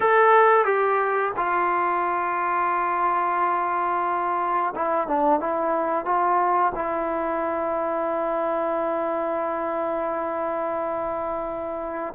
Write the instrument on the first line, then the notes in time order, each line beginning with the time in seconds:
trombone
0.00 A4
0.65 G4
1.37 F4
4.75 E4
5.07 D4
5.40 E4
6.05 F4
6.74 E4